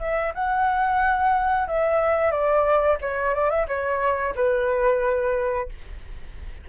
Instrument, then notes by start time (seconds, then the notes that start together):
flute
0.00 E5
0.35 F#5
1.68 E5
2.32 D5
3.02 C#5
3.35 D5
3.50 E5
3.68 C#5
4.36 B4